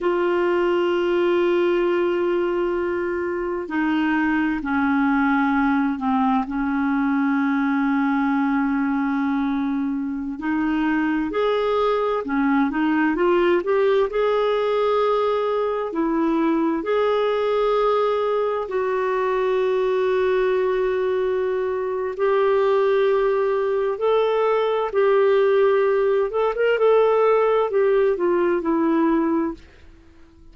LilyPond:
\new Staff \with { instrumentName = "clarinet" } { \time 4/4 \tempo 4 = 65 f'1 | dis'4 cis'4. c'8 cis'4~ | cis'2.~ cis'16 dis'8.~ | dis'16 gis'4 cis'8 dis'8 f'8 g'8 gis'8.~ |
gis'4~ gis'16 e'4 gis'4.~ gis'16~ | gis'16 fis'2.~ fis'8. | g'2 a'4 g'4~ | g'8 a'16 ais'16 a'4 g'8 f'8 e'4 | }